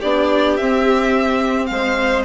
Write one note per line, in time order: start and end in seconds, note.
0.00 0.60 B3
0.00 0.59 D4
0.00 1.68 G4
0.00 0.57 D5
0.57 2.25 C4
0.57 1.71 C4
0.57 1.66 E5
1.66 2.25 G#3
1.66 2.25 C5
1.66 2.22 F5